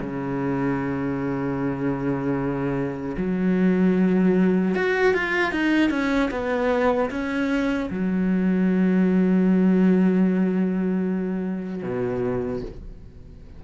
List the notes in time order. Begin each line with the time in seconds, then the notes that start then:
0.00 C#3
3.18 F#3
4.75 F#4
5.14 F4
5.52 D#4
5.90 C#4
6.31 B3
7.11 C#4
7.91 F#3
11.83 B2